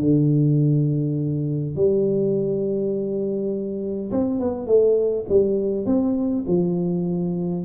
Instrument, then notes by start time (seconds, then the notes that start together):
tuba
0.00 D3
1.76 G3
4.11 C4
4.40 B3
4.67 A3
5.29 G3
5.86 C4
6.48 F3